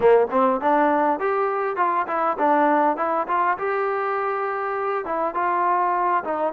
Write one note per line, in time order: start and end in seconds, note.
0.00 0.27 A#3
0.31 0.60 C4
0.60 1.19 D4
1.19 1.76 G4
1.76 2.06 F4
2.07 2.37 E4
2.38 2.96 D4
2.96 3.26 E4
3.27 3.57 F4
3.58 5.05 G4
5.05 5.34 E4
5.34 6.23 F4
6.24 6.53 D#4